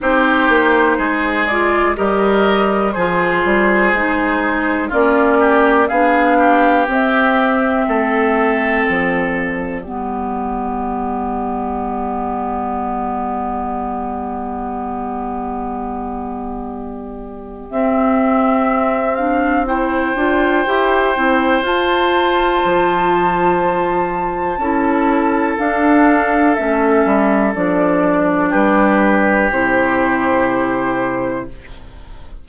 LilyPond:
<<
  \new Staff \with { instrumentName = "flute" } { \time 4/4 \tempo 4 = 61 c''4. d''8 dis''4 c''4~ | c''4 d''4 f''4 e''4~ | e''4 d''2.~ | d''1~ |
d''2 e''4. f''8 | g''2 a''2~ | a''2 f''4 e''4 | d''4 b'4 c''2 | }
  \new Staff \with { instrumentName = "oboe" } { \time 4/4 g'4 gis'4 ais'4 gis'4~ | gis'4 f'8 g'8 gis'8 g'4. | a'2 g'2~ | g'1~ |
g'1 | c''1~ | c''4 a'2.~ | a'4 g'2. | }
  \new Staff \with { instrumentName = "clarinet" } { \time 4/4 dis'4. f'8 g'4 f'4 | dis'4 cis'4 d'4 c'4~ | c'2 b2~ | b1~ |
b2 c'4. d'8 | e'8 f'8 g'8 e'8 f'2~ | f'4 e'4 d'4 cis'4 | d'2 e'2 | }
  \new Staff \with { instrumentName = "bassoon" } { \time 4/4 c'8 ais8 gis4 g4 f8 g8 | gis4 ais4 b4 c'4 | a4 f4 g2~ | g1~ |
g2 c'2~ | c'8 d'8 e'8 c'8 f'4 f4~ | f4 cis'4 d'4 a8 g8 | f4 g4 c2 | }
>>